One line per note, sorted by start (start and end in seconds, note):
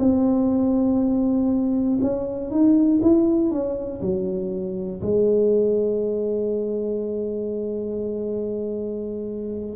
0.00 2.00 C4
2.02 2.51 C#4
2.51 3.01 D#4
3.03 3.51 E4
3.51 4.01 C#4
4.02 5.02 F#3
5.02 9.76 G#3